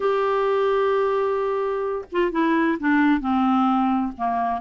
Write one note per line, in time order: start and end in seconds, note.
0.00 2.05 G4
2.11 2.31 F4
2.31 2.78 E4
2.79 3.20 D4
3.20 4.12 C4
4.17 4.61 A#3